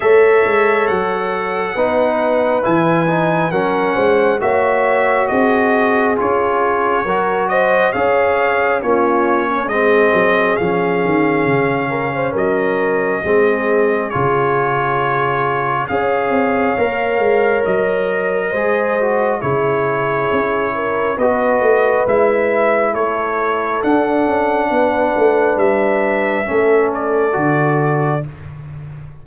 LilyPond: <<
  \new Staff \with { instrumentName = "trumpet" } { \time 4/4 \tempo 4 = 68 e''4 fis''2 gis''4 | fis''4 e''4 dis''4 cis''4~ | cis''8 dis''8 f''4 cis''4 dis''4 | f''2 dis''2 |
cis''2 f''2 | dis''2 cis''2 | dis''4 e''4 cis''4 fis''4~ | fis''4 e''4. d''4. | }
  \new Staff \with { instrumentName = "horn" } { \time 4/4 cis''2 b'2 | ais'8 c''8 cis''4 gis'2 | ais'8 c''8 cis''4 f'8. cis'16 gis'4~ | gis'4. ais'16 c''16 ais'4 gis'4~ |
gis'2 cis''2~ | cis''4 c''4 gis'4. ais'8 | b'2 a'2 | b'2 a'2 | }
  \new Staff \with { instrumentName = "trombone" } { \time 4/4 a'2 dis'4 e'8 dis'8 | cis'4 fis'2 f'4 | fis'4 gis'4 cis'4 c'4 | cis'2. c'4 |
f'2 gis'4 ais'4~ | ais'4 gis'8 fis'8 e'2 | fis'4 e'2 d'4~ | d'2 cis'4 fis'4 | }
  \new Staff \with { instrumentName = "tuba" } { \time 4/4 a8 gis8 fis4 b4 e4 | fis8 gis8 ais4 c'4 cis'4 | fis4 cis'4 ais4 gis8 fis8 | f8 dis8 cis4 fis4 gis4 |
cis2 cis'8 c'8 ais8 gis8 | fis4 gis4 cis4 cis'4 | b8 a8 gis4 a4 d'8 cis'8 | b8 a8 g4 a4 d4 | }
>>